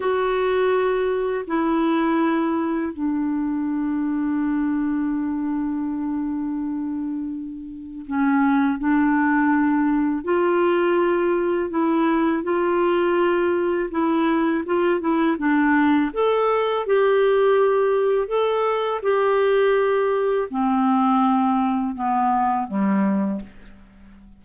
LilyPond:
\new Staff \with { instrumentName = "clarinet" } { \time 4/4 \tempo 4 = 82 fis'2 e'2 | d'1~ | d'2. cis'4 | d'2 f'2 |
e'4 f'2 e'4 | f'8 e'8 d'4 a'4 g'4~ | g'4 a'4 g'2 | c'2 b4 g4 | }